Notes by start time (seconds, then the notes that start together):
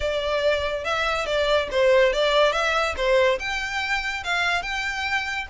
0.00 D5
0.84 E5
1.26 D5
1.71 C5
2.13 D5
2.52 E5
2.96 C5
3.39 G5
4.24 F5
4.62 G5